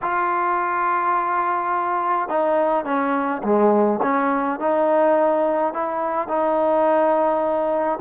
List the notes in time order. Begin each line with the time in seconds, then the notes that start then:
0.02 F4
2.28 D#4
2.84 C#4
3.43 G#3
4.02 C#4
4.59 D#4
5.73 E4
6.28 D#4